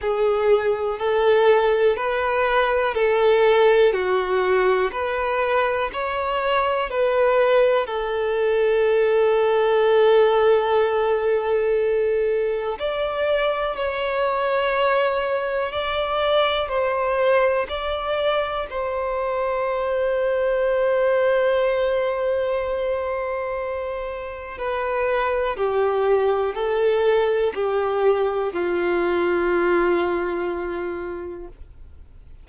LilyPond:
\new Staff \with { instrumentName = "violin" } { \time 4/4 \tempo 4 = 61 gis'4 a'4 b'4 a'4 | fis'4 b'4 cis''4 b'4 | a'1~ | a'4 d''4 cis''2 |
d''4 c''4 d''4 c''4~ | c''1~ | c''4 b'4 g'4 a'4 | g'4 f'2. | }